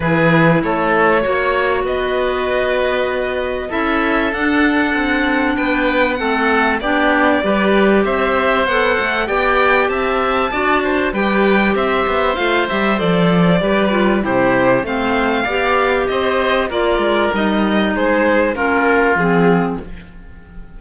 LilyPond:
<<
  \new Staff \with { instrumentName = "violin" } { \time 4/4 \tempo 4 = 97 b'4 cis''2 dis''4~ | dis''2 e''4 fis''4~ | fis''4 g''4 fis''4 d''4~ | d''4 e''4 fis''4 g''4 |
a''2 g''4 e''4 | f''8 e''8 d''2 c''4 | f''2 dis''4 d''4 | dis''4 c''4 ais'4 gis'4 | }
  \new Staff \with { instrumentName = "oboe" } { \time 4/4 gis'4 a'4 cis''4 b'4~ | b'2 a'2~ | a'4 b'4 a'4 g'4 | b'4 c''2 d''4 |
e''4 d''8 c''8 b'4 c''4~ | c''2 b'4 g'4 | c''4 d''4 c''4 ais'4~ | ais'4 gis'4 f'2 | }
  \new Staff \with { instrumentName = "clarinet" } { \time 4/4 e'2 fis'2~ | fis'2 e'4 d'4~ | d'2 c'4 d'4 | g'2 a'4 g'4~ |
g'4 fis'4 g'2 | f'8 g'8 a'4 g'8 f'8 e'4 | c'4 g'2 f'4 | dis'2 cis'4 c'4 | }
  \new Staff \with { instrumentName = "cello" } { \time 4/4 e4 a4 ais4 b4~ | b2 cis'4 d'4 | c'4 b4 a4 b4 | g4 c'4 b8 a8 b4 |
c'4 d'4 g4 c'8 b8 | a8 g8 f4 g4 c4 | a4 b4 c'4 ais8 gis8 | g4 gis4 ais4 f4 | }
>>